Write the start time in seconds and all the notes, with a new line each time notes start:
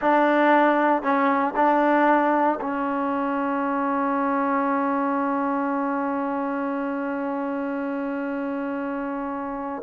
0.01 D4
1.02 C#4
1.55 D4
2.60 C#4